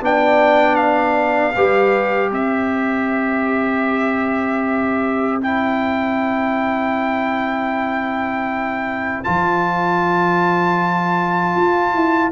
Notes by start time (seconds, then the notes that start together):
0.00 B3 D4 D5 G5
0.76 F5
1.56 G3 G4 B4
2.32 C4 C5 E5
5.42 E4 G5
9.24 F3 F4 A5
11.56 F4
11.94 E4